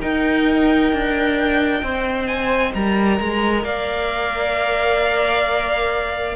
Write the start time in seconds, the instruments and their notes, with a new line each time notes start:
0.00 cello D#4, viola A#4, violin D#5 G5
0.92 cello D4
1.82 cello C4, viola C5
2.26 violin G#5
2.74 cello G3, viola A#4, violin A#5
3.20 cello G#3
3.64 cello A#3, violin D5 F5